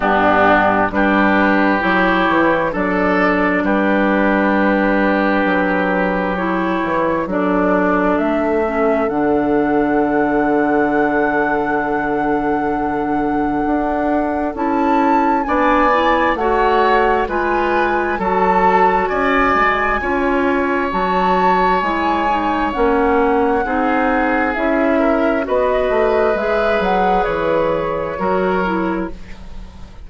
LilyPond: <<
  \new Staff \with { instrumentName = "flute" } { \time 4/4 \tempo 4 = 66 g'4 b'4 cis''4 d''4 | b'2. cis''4 | d''4 e''4 fis''2~ | fis''1 |
a''4 gis''4 fis''4 gis''4 | a''4 gis''2 a''4 | gis''4 fis''2 e''4 | dis''4 e''8 fis''8 cis''2 | }
  \new Staff \with { instrumentName = "oboe" } { \time 4/4 d'4 g'2 a'4 | g'1 | a'1~ | a'1~ |
a'4 d''4 cis''4 b'4 | a'4 d''4 cis''2~ | cis''2 gis'4. ais'8 | b'2. ais'4 | }
  \new Staff \with { instrumentName = "clarinet" } { \time 4/4 b4 d'4 e'4 d'4~ | d'2. e'4 | d'4. cis'8 d'2~ | d'1 |
e'4 d'8 e'8 fis'4 f'4 | fis'2 f'4 fis'4 | e'8 dis'8 cis'4 dis'4 e'4 | fis'4 gis'2 fis'8 e'8 | }
  \new Staff \with { instrumentName = "bassoon" } { \time 4/4 g,4 g4 fis8 e8 fis4 | g2 fis4. e8 | fis4 a4 d2~ | d2. d'4 |
cis'4 b4 a4 gis4 | fis4 cis'8 gis8 cis'4 fis4 | gis4 ais4 c'4 cis'4 | b8 a8 gis8 fis8 e4 fis4 | }
>>